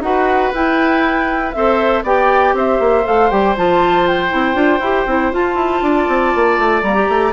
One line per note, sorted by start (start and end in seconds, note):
0.00 0.50 D#4
0.00 0.53 F#4
0.00 1.56 B4
0.00 0.53 F#5
0.53 1.54 E4
0.53 1.55 E4
0.53 1.52 G5
1.52 2.03 C4
1.52 2.05 A4
1.52 2.04 C5
1.52 2.02 E5
2.03 2.53 B3
2.03 3.04 G4
2.03 2.54 D5
2.03 2.56 G5
2.54 2.79 C4
2.54 5.84 C5
2.54 3.06 E5
2.79 3.04 A#3
3.04 3.31 A3
3.04 3.29 A4
3.04 3.30 F5
3.30 3.56 G3
3.30 3.55 G4
3.30 3.55 G5
3.56 4.33 F3
3.56 4.29 F4
3.56 4.07 A5
4.07 5.33 G5
4.29 4.54 C4
4.29 4.53 E4
4.53 4.79 D4
4.53 4.79 F4
4.80 5.05 E4
4.80 5.08 G4
5.06 5.31 C4
5.06 5.32 E4
5.32 6.83 F4
5.32 5.55 F4
5.32 6.82 A5
5.55 5.80 E4
5.82 6.07 D4
5.82 7.33 D5
6.08 6.33 C4
6.35 6.59 A#3
6.59 6.82 A3
6.82 7.08 G3
6.82 6.94 A#3
6.82 7.33 A#5
6.94 7.32 G4
7.09 7.33 A3